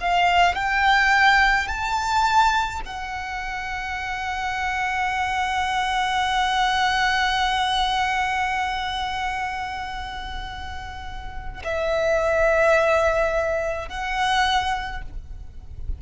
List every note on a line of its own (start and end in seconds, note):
0.00 0.55 F5
0.55 1.68 G5
1.68 2.81 A5
2.86 11.63 F#5
11.63 13.89 E5
13.89 15.02 F#5